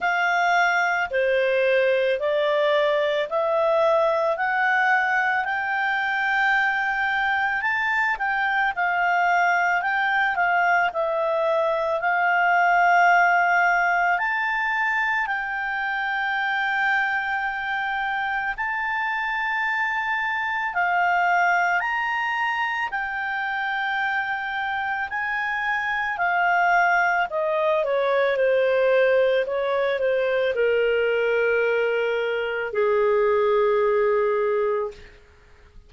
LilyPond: \new Staff \with { instrumentName = "clarinet" } { \time 4/4 \tempo 4 = 55 f''4 c''4 d''4 e''4 | fis''4 g''2 a''8 g''8 | f''4 g''8 f''8 e''4 f''4~ | f''4 a''4 g''2~ |
g''4 a''2 f''4 | ais''4 g''2 gis''4 | f''4 dis''8 cis''8 c''4 cis''8 c''8 | ais'2 gis'2 | }